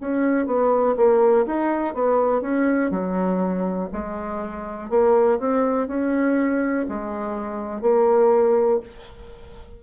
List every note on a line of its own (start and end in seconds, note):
0.00 0.46 C#4
0.46 0.95 B3
0.96 1.45 A#3
1.46 1.94 D#4
1.94 2.41 B3
2.41 2.90 C#4
2.90 3.89 F#3
3.92 4.90 G#3
4.90 5.39 A#3
5.39 5.87 C4
5.87 6.85 C#4
6.88 7.81 G#3
7.81 8.79 A#3